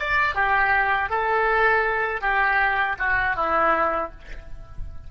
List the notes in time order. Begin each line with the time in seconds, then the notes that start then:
0.00 D5
0.35 G4
1.10 A4
2.22 G4
2.99 F#4
3.36 E4